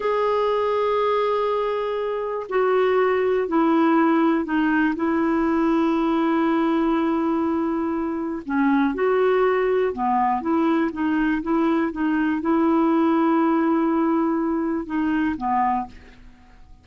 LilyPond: \new Staff \with { instrumentName = "clarinet" } { \time 4/4 \tempo 4 = 121 gis'1~ | gis'4 fis'2 e'4~ | e'4 dis'4 e'2~ | e'1~ |
e'4 cis'4 fis'2 | b4 e'4 dis'4 e'4 | dis'4 e'2.~ | e'2 dis'4 b4 | }